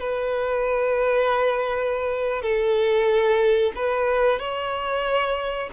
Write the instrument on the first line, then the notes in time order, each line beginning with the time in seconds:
violin
0.00 B4
2.42 A4
3.76 B4
4.39 C#5